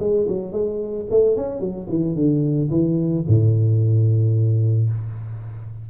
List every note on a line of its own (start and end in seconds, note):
0.00 0.27 G#3
0.28 0.52 F#3
0.52 1.06 G#3
1.11 1.37 A3
1.37 1.60 C#4
1.60 1.87 F#3
1.89 2.15 E3
2.15 2.70 D3
2.71 3.25 E3
3.28 4.90 A2